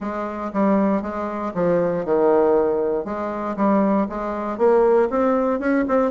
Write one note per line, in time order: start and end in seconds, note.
0.00 0.51 G#3
0.53 1.02 G3
1.02 1.53 G#3
1.54 2.05 F3
2.05 3.05 D#3
3.05 3.55 G#3
3.56 4.07 G3
4.09 4.57 G#3
4.57 5.08 A#3
5.10 5.59 C4
5.59 5.85 C#4
5.88 6.11 C4